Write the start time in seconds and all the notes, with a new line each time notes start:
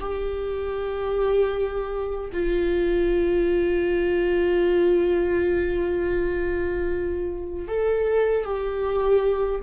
0.00 G4
2.33 F4
7.68 A4
8.45 G4